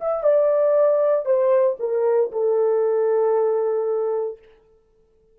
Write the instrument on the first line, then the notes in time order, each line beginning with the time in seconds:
horn
0.00 E5
0.23 D5
1.25 C5
1.79 A#4
2.31 A4